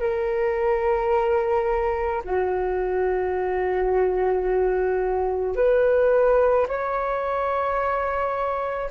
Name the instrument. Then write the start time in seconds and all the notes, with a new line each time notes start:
flute
0.00 A#4
2.24 F#4
5.56 B4
6.68 C#5